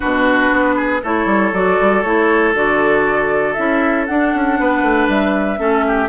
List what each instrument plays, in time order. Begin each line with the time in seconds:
0.00 bassoon B2, clarinet D4, oboe F#4, flute B4
0.51 bassoon B3
0.76 oboe G#4
1.02 bassoon A3, clarinet E4, oboe A4, flute C#5
1.25 bassoon G3
1.52 bassoon F#3, clarinet F#4, flute D5
1.80 bassoon G3
2.02 bassoon A3, clarinet E4, flute C#5
2.54 bassoon D3, clarinet F#4, flute D5
3.53 bassoon C#4, clarinet E4, flute E5
4.06 bassoon D4, clarinet D4, flute F#5
4.34 bassoon C#4
4.59 bassoon B3, oboe B4
4.82 bassoon A3
5.07 bassoon G3, flute E5
5.58 bassoon A3, clarinet C#4, oboe A4
5.87 oboe G4